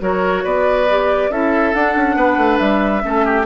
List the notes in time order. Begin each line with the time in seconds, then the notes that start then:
0.00 F#3 F#4 A#4 C#5
0.44 B3 B4 D5
0.89 G4
1.30 C#4 E4 A4 E5
1.74 D4 F#5
1.96 C#4
2.16 B3 B4
2.37 A3
2.57 G3 E5
3.01 A3 C#4 A4
3.25 G4